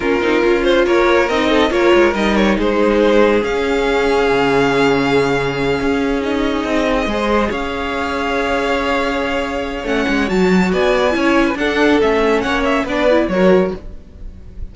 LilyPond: <<
  \new Staff \with { instrumentName = "violin" } { \time 4/4 \tempo 4 = 140 ais'4. c''8 cis''4 dis''4 | cis''4 dis''8 cis''8 c''2 | f''1~ | f''2~ f''8 dis''4.~ |
dis''4. f''2~ f''8~ | f''2. fis''4 | a''4 gis''2 fis''4 | e''4 fis''8 e''8 d''4 cis''4 | }
  \new Staff \with { instrumentName = "violin" } { \time 4/4 f'2 ais'4. a'8 | ais'2 gis'2~ | gis'1~ | gis'1~ |
gis'8 c''4 cis''2~ cis''8~ | cis''1~ | cis''4 d''4 cis''8. b'16 a'4~ | a'4 cis''4 b'4 ais'4 | }
  \new Staff \with { instrumentName = "viola" } { \time 4/4 cis'8 dis'8 f'2 dis'4 | f'4 dis'2. | cis'1~ | cis'2~ cis'8 dis'4.~ |
dis'8 gis'2.~ gis'8~ | gis'2. cis'4 | fis'2 e'4 d'4 | cis'2 d'8 e'8 fis'4 | }
  \new Staff \with { instrumentName = "cello" } { \time 4/4 ais8 c'8 cis'4 ais4 c'4 | ais8 gis8 g4 gis2 | cis'2 cis2~ | cis4. cis'2 c'8~ |
c'8 gis4 cis'2~ cis'8~ | cis'2. a8 gis8 | fis4 b4 cis'4 d'4 | a4 ais4 b4 fis4 | }
>>